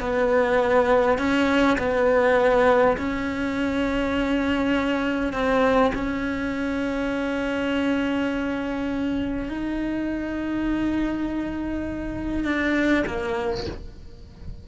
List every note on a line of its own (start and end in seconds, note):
0.00 1.18 B3
1.18 1.77 C#4
1.78 2.97 B3
2.97 5.33 C#4
5.33 5.92 C4
5.95 9.49 C#4
9.49 12.44 D#4
12.44 13.04 D4
13.07 13.66 A#3